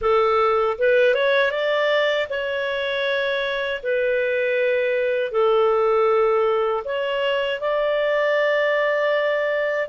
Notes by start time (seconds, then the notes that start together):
0.01 A4
0.78 B4
1.14 C#5
1.51 D5
2.29 C#5
3.83 B4
5.31 A4
6.84 C#5
7.60 D5